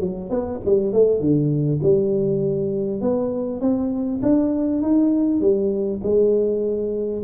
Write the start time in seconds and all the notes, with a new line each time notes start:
0.00 F#3
0.30 B3
0.65 G3
0.92 A3
1.20 D3
1.82 G3
3.01 B3
3.61 C4
4.22 D4
4.82 D#4
5.41 G3
6.03 G#3